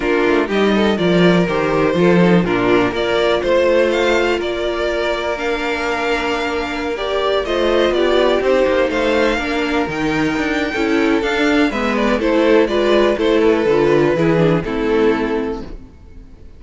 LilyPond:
<<
  \new Staff \with { instrumentName = "violin" } { \time 4/4 \tempo 4 = 123 ais'4 dis''4 d''4 c''4~ | c''4 ais'4 d''4 c''4 | f''4 d''2 f''4~ | f''2~ f''16 d''4 dis''8.~ |
dis''16 d''4 c''4 f''4.~ f''16~ | f''16 g''2~ g''8. f''4 | e''8 d''8 c''4 d''4 c''8 b'8~ | b'2 a'2 | }
  \new Staff \with { instrumentName = "violin" } { \time 4/4 f'4 g'8 a'8 ais'2 | a'4 f'4 ais'4 c''4~ | c''4 ais'2.~ | ais'2.~ ais'16 c''8.~ |
c''16 g'2 c''4 ais'8.~ | ais'2 a'2 | b'4 a'4 b'4 a'4~ | a'4 gis'4 e'2 | }
  \new Staff \with { instrumentName = "viola" } { \time 4/4 d'4 dis'4 f'4 g'4 | f'8 dis'8 d'4 f'2~ | f'2. d'4~ | d'2~ d'16 g'4 f'8.~ |
f'4~ f'16 dis'2 d'8.~ | d'16 dis'4.~ dis'16 e'4 d'4 | b4 e'4 f'4 e'4 | f'4 e'8 d'8 c'2 | }
  \new Staff \with { instrumentName = "cello" } { \time 4/4 ais8 a8 g4 f4 dis4 | f4 ais,4 ais4 a4~ | a4 ais2.~ | ais2.~ ais16 a8.~ |
a16 b4 c'8 ais8 a4 ais8.~ | ais16 dis4 d'8. cis'4 d'4 | gis4 a4 gis4 a4 | d4 e4 a2 | }
>>